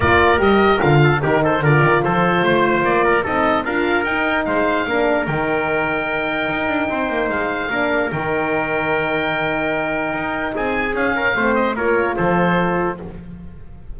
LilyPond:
<<
  \new Staff \with { instrumentName = "oboe" } { \time 4/4 \tempo 4 = 148 d''4 dis''4 f''4 ais'8 c''8 | d''4 c''2 d''4 | dis''4 f''4 g''4 f''4~ | f''4 g''2.~ |
g''2 f''2 | g''1~ | g''2 gis''4 f''4~ | f''8 dis''8 cis''4 c''2 | }
  \new Staff \with { instrumentName = "trumpet" } { \time 4/4 ais'2~ ais'8 a'8 g'8 a'8 | ais'4 a'4 c''4. ais'8 | a'4 ais'2 c''4 | ais'1~ |
ais'4 c''2 ais'4~ | ais'1~ | ais'2 gis'4. ais'8 | c''4 ais'4 a'2 | }
  \new Staff \with { instrumentName = "horn" } { \time 4/4 f'4 g'4 f'4 dis'4 | f'1 | dis'4 f'4 dis'2 | d'4 dis'2.~ |
dis'2. d'4 | dis'1~ | dis'2. cis'4 | c'4 f'2. | }
  \new Staff \with { instrumentName = "double bass" } { \time 4/4 ais4 g4 d4 dis4 | d8 dis8 f4 a4 ais4 | c'4 d'4 dis'4 gis4 | ais4 dis2. |
dis'8 d'8 c'8 ais8 gis4 ais4 | dis1~ | dis4 dis'4 c'4 cis'4 | a4 ais4 f2 | }
>>